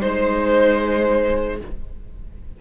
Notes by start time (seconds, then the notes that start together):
0.00 G#3 D#4 C5